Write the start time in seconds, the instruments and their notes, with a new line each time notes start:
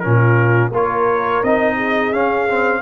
0.00 tuba A#2, trombone C#4, horn F4, trumpet A#4
0.71 tuba A#3, trombone F4, horn A#4, trumpet C#5
1.43 tuba C4, trombone D#4, trumpet D#5
1.76 horn G#4
2.13 tuba C#4, trombone C#4, trumpet F5
2.50 trombone C4